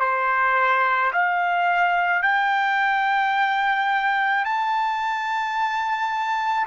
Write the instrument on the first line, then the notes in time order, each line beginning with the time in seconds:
trumpet
0.00 C5
1.13 F5
2.22 G5
4.44 A5